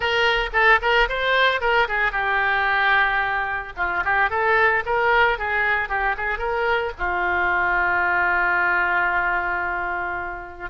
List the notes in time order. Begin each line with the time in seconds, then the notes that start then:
0.00 A#4
0.52 A4
0.81 A#4
1.09 C5
1.60 A#4
1.87 G#4
2.12 G4
3.76 F4
4.04 G4
4.30 A4
4.85 A#4
5.38 G#4
5.89 G4
6.17 G#4
6.38 A#4
6.98 F4